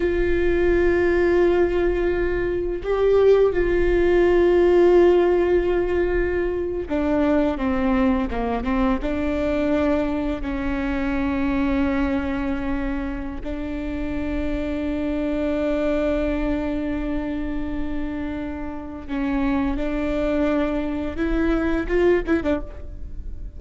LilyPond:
\new Staff \with { instrumentName = "viola" } { \time 4/4 \tempo 4 = 85 f'1 | g'4 f'2.~ | f'4.~ f'16 d'4 c'4 ais16~ | ais16 c'8 d'2 cis'4~ cis'16~ |
cis'2. d'4~ | d'1~ | d'2. cis'4 | d'2 e'4 f'8 e'16 d'16 | }